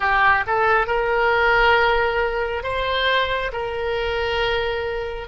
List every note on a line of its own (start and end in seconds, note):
0.00 0.44 G4
0.47 0.86 A4
0.86 2.63 A#4
2.63 3.51 C5
3.52 5.27 A#4